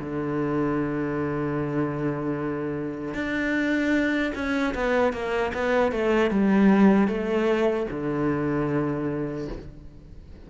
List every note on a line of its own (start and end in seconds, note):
0.00 3.15 D3
3.15 4.33 D4
4.35 4.75 C#4
4.75 5.13 B3
5.13 5.53 A#3
5.54 5.92 B3
5.92 6.31 A3
6.31 7.08 G3
7.08 7.87 A3
7.91 9.49 D3